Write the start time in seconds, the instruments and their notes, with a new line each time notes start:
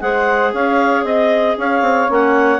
0.00 bassoon G#3, clarinet G#4 F#5, saxophone C5
0.52 bassoon C#4, saxophone C#5, clarinet F5
1.04 bassoon C4, clarinet D#5, saxophone D#5
1.58 bassoon C#4, saxophone C#5, clarinet F5
1.81 bassoon C4
2.08 bassoon A#3, clarinet C#4 F#5